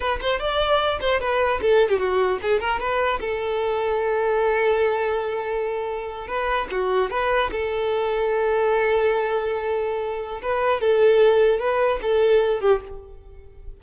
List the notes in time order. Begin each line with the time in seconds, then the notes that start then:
0.00 B4
0.21 C5
0.39 D5
1.00 C5
1.20 B4
1.61 A4
1.89 G4
1.99 F#4
2.41 G#4
2.60 A#4
2.79 B4
3.20 A4
6.27 B4
6.71 F#4
7.10 B4
7.51 A4
10.42 B4
10.80 A4
11.59 B4
12.01 A4
12.60 G4